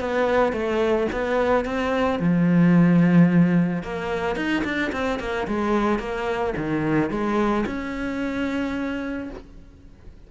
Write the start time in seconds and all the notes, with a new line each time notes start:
0.00 B3
0.53 A3
1.13 B3
1.66 C4
2.20 F3
3.84 A#3
4.36 D#4
4.65 D4
4.93 C4
5.20 A#3
5.48 G#3
6.00 A#3
6.57 D#3
7.11 G#3
7.67 C#4